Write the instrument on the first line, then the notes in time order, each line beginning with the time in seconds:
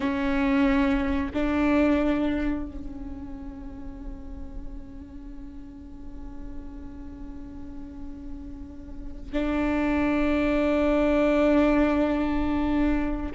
viola
0.00 C#4
1.33 D4
2.66 C#4
9.32 D4